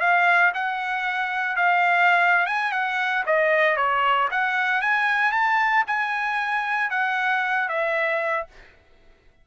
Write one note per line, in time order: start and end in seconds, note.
0.00 0.52 F5
0.54 1.56 F#5
1.56 2.46 F5
2.46 2.72 G#5
2.72 3.24 F#5
3.26 3.76 D#5
3.76 4.29 C#5
4.31 4.81 F#5
4.81 5.32 G#5
5.32 5.84 A5
5.87 6.90 G#5
6.90 7.68 F#5
7.69 8.47 E5